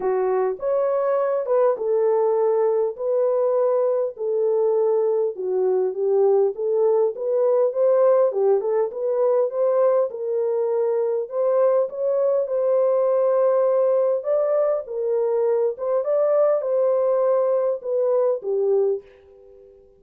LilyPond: \new Staff \with { instrumentName = "horn" } { \time 4/4 \tempo 4 = 101 fis'4 cis''4. b'8 a'4~ | a'4 b'2 a'4~ | a'4 fis'4 g'4 a'4 | b'4 c''4 g'8 a'8 b'4 |
c''4 ais'2 c''4 | cis''4 c''2. | d''4 ais'4. c''8 d''4 | c''2 b'4 g'4 | }